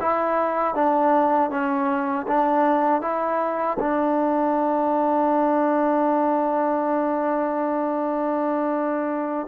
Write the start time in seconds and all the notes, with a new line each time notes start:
0.00 E4
0.74 D4
1.50 C#4
2.27 D4
3.01 E4
3.79 D4